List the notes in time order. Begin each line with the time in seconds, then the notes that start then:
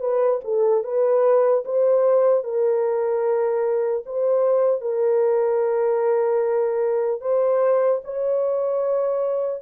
0.00 B4
0.44 A4
0.84 B4
1.65 C5
2.44 A#4
4.06 C5
4.81 A#4
7.21 C5
8.04 C#5